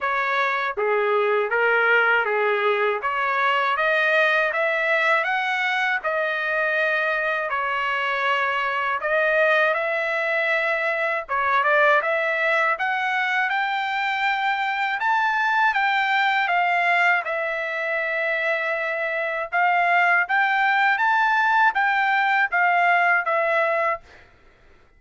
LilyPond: \new Staff \with { instrumentName = "trumpet" } { \time 4/4 \tempo 4 = 80 cis''4 gis'4 ais'4 gis'4 | cis''4 dis''4 e''4 fis''4 | dis''2 cis''2 | dis''4 e''2 cis''8 d''8 |
e''4 fis''4 g''2 | a''4 g''4 f''4 e''4~ | e''2 f''4 g''4 | a''4 g''4 f''4 e''4 | }